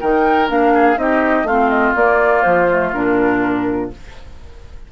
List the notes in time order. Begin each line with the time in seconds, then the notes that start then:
0.00 D#3 D#4 A#4 G5
0.48 A#3 D4 F5
0.74 G#4
0.96 C4 D#4 G4 D#5
1.43 A3 C4 F4 F5
1.69 D#5
1.95 A#3 D5
2.42 F3 C5
2.69 A3
2.93 A#2 D4 A#4